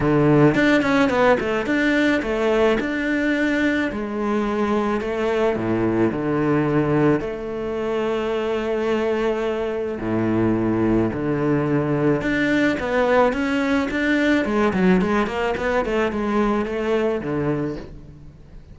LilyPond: \new Staff \with { instrumentName = "cello" } { \time 4/4 \tempo 4 = 108 d4 d'8 cis'8 b8 a8 d'4 | a4 d'2 gis4~ | gis4 a4 a,4 d4~ | d4 a2.~ |
a2 a,2 | d2 d'4 b4 | cis'4 d'4 gis8 fis8 gis8 ais8 | b8 a8 gis4 a4 d4 | }